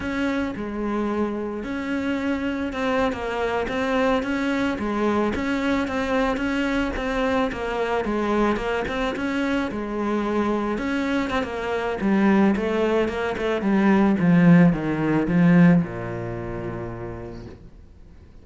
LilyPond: \new Staff \with { instrumentName = "cello" } { \time 4/4 \tempo 4 = 110 cis'4 gis2 cis'4~ | cis'4 c'8. ais4 c'4 cis'16~ | cis'8. gis4 cis'4 c'4 cis'16~ | cis'8. c'4 ais4 gis4 ais16~ |
ais16 c'8 cis'4 gis2 cis'16~ | cis'8. c'16 ais4 g4 a4 | ais8 a8 g4 f4 dis4 | f4 ais,2. | }